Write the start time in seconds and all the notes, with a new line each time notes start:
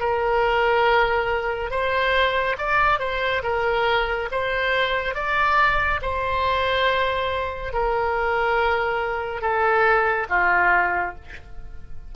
0.00 A#4
1.71 C5
2.58 D5
3.00 C5
3.43 A#4
4.31 C5
5.15 D5
6.02 C5
7.73 A#4
9.41 A4
10.29 F4